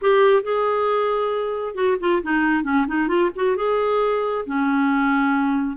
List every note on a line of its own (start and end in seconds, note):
0.01 0.42 G4
0.42 1.74 G#4
1.74 1.97 F#4
2.00 2.22 F4
2.22 2.63 D#4
2.63 2.85 C#4
2.87 3.07 D#4
3.07 3.30 F4
3.35 3.56 F#4
3.56 4.45 G#4
4.46 5.76 C#4